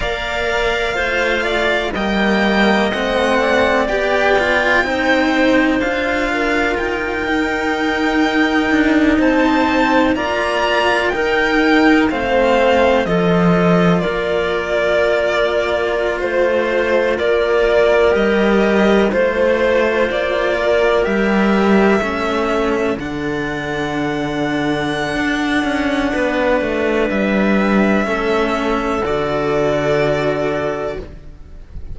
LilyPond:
<<
  \new Staff \with { instrumentName = "violin" } { \time 4/4 \tempo 4 = 62 f''2 g''4 fis''4 | g''2 f''4 g''4~ | g''4. a''4 ais''4 g''8~ | g''8 f''4 dis''4 d''4.~ |
d''8. c''4 d''4 dis''4 c''16~ | c''8. d''4 e''2 fis''16~ | fis''1 | e''2 d''2 | }
  \new Staff \with { instrumentName = "clarinet" } { \time 4/4 d''4 c''8 d''8 dis''4. d''8~ | d''4 c''4. ais'4.~ | ais'4. c''4 d''4 ais'8~ | ais'8 c''4 a'4 ais'4.~ |
ais'8. c''4 ais'2 c''16~ | c''4~ c''16 ais'4. a'4~ a'16~ | a'2. b'4~ | b'4 a'2. | }
  \new Staff \with { instrumentName = "cello" } { \time 4/4 ais'4 f'4 ais4 c'4 | g'8 f'8 dis'4 f'4. dis'8~ | dis'2~ dis'8 f'4 dis'8~ | dis'8 c'4 f'2~ f'8~ |
f'2~ f'8. g'4 f'16~ | f'4.~ f'16 g'4 cis'4 d'16~ | d'1~ | d'4 cis'4 fis'2 | }
  \new Staff \with { instrumentName = "cello" } { \time 4/4 ais4 a4 g4 a4 | b4 c'4 d'4 dis'4~ | dis'4 d'8 c'4 ais4 dis'8~ | dis'8 a4 f4 ais4.~ |
ais8. a4 ais4 g4 a16~ | a8. ais4 g4 a4 d16~ | d2 d'8 cis'8 b8 a8 | g4 a4 d2 | }
>>